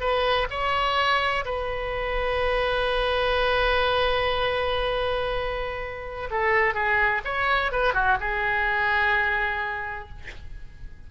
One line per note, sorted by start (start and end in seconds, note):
0.00 0.47 B4
0.50 1.44 C#5
1.45 6.29 B4
6.30 6.74 A4
6.74 7.21 G#4
7.24 7.72 C#5
7.72 7.93 B4
7.93 8.17 F#4
8.20 10.09 G#4